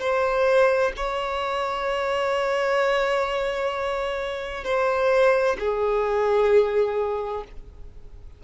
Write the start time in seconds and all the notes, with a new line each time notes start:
0.00 C5
0.97 C#5
4.64 C5
5.59 G#4